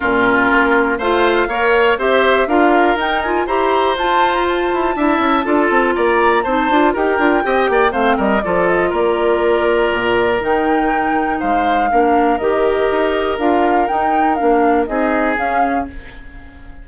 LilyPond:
<<
  \new Staff \with { instrumentName = "flute" } { \time 4/4 \tempo 4 = 121 ais'2 f''2 | e''4 f''4 g''8 gis''8 ais''4 | a''8. ais''16 a''2. | ais''4 a''4 g''2 |
f''8 dis''8 d''8 dis''8 d''2~ | d''4 g''2 f''4~ | f''4 dis''2 f''4 | g''4 f''4 dis''4 f''4 | }
  \new Staff \with { instrumentName = "oboe" } { \time 4/4 f'2 c''4 cis''4 | c''4 ais'2 c''4~ | c''2 e''4 a'4 | d''4 c''4 ais'4 dis''8 d''8 |
c''8 ais'8 a'4 ais'2~ | ais'2. c''4 | ais'1~ | ais'2 gis'2 | }
  \new Staff \with { instrumentName = "clarinet" } { \time 4/4 cis'2 f'4 ais'4 | g'4 f'4 dis'8 f'8 g'4 | f'2 e'4 f'4~ | f'4 dis'8 f'8 g'8 f'8 g'4 |
c'4 f'2.~ | f'4 dis'2. | d'4 g'2 f'4 | dis'4 d'4 dis'4 cis'4 | }
  \new Staff \with { instrumentName = "bassoon" } { \time 4/4 ais,4 ais4 a4 ais4 | c'4 d'4 dis'4 e'4 | f'4. e'8 d'8 cis'8 d'8 c'8 | ais4 c'8 d'8 dis'8 d'8 c'8 ais8 |
a8 g8 f4 ais2 | ais,4 dis2 gis4 | ais4 dis4 dis'4 d'4 | dis'4 ais4 c'4 cis'4 | }
>>